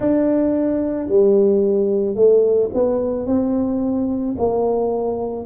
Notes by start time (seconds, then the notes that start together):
0.00 D4
1.08 G3
2.15 A3
2.73 B3
3.26 C4
4.37 A#3